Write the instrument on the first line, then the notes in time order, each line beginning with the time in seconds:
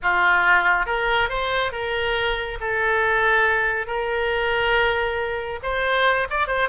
oboe
0.02 F4
0.86 A#4
1.29 C5
1.72 A#4
2.60 A4
3.87 A#4
5.62 C5
6.30 D5
6.47 C5